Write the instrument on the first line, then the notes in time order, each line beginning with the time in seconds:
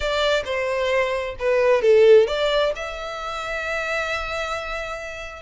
violin
0.00 D5
0.44 C5
1.39 B4
1.82 A4
2.27 D5
2.75 E5